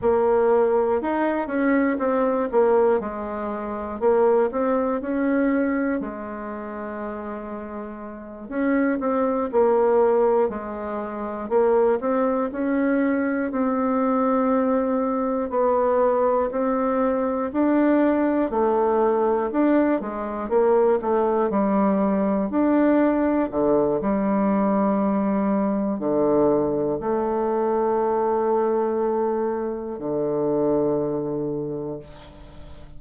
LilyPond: \new Staff \with { instrumentName = "bassoon" } { \time 4/4 \tempo 4 = 60 ais4 dis'8 cis'8 c'8 ais8 gis4 | ais8 c'8 cis'4 gis2~ | gis8 cis'8 c'8 ais4 gis4 ais8 | c'8 cis'4 c'2 b8~ |
b8 c'4 d'4 a4 d'8 | gis8 ais8 a8 g4 d'4 d8 | g2 d4 a4~ | a2 d2 | }